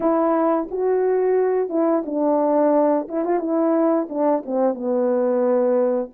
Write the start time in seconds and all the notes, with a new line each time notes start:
0.00 E4
0.71 F#4
1.69 E4
2.05 D4
3.08 E4
3.24 F4
3.39 E4
4.09 D4
4.45 C4
4.74 B3